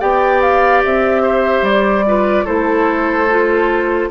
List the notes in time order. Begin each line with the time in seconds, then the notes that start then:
0.00 B3 G4 D5 G5
0.41 F5
0.84 C4 E5
1.22 C5
1.62 G3 D5
2.06 F4 B4
2.45 A3 E4 A4 C5
3.30 F4